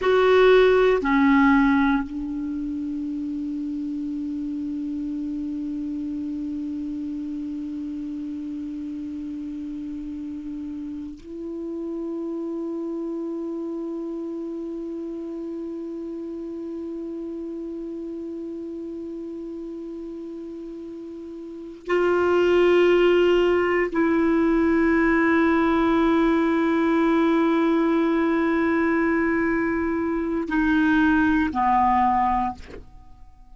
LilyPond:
\new Staff \with { instrumentName = "clarinet" } { \time 4/4 \tempo 4 = 59 fis'4 cis'4 d'2~ | d'1~ | d'2. e'4~ | e'1~ |
e'1~ | e'4. f'2 e'8~ | e'1~ | e'2 dis'4 b4 | }